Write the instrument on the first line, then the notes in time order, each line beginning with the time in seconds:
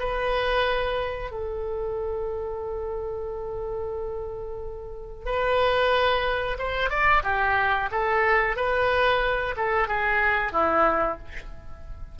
oboe
0.00 B4
1.31 A4
5.26 B4
6.59 C5
6.90 D5
7.24 G4
7.92 A4
8.57 B4
9.57 A4
9.88 G#4
10.53 E4